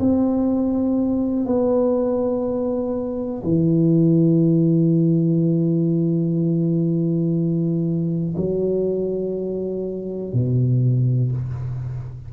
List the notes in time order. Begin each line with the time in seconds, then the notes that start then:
0.00 C4
1.46 B3
3.43 E3
8.37 F#3
10.33 B2